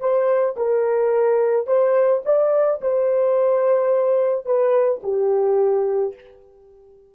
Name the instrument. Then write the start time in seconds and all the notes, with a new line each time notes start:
horn
0.00 C5
0.56 A#4
1.67 C5
2.25 D5
2.81 C5
4.45 B4
5.03 G4